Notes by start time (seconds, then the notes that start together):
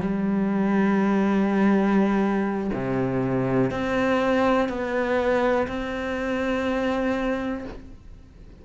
0.00 G3
2.73 C3
3.71 C4
4.69 B3
5.67 C4